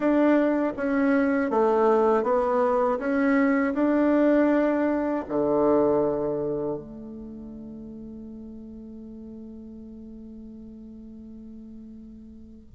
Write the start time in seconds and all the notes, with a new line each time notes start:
0.00 D4
0.76 C#4
1.50 A3
2.23 B3
2.98 C#4
3.73 D4
5.29 D3
6.77 A3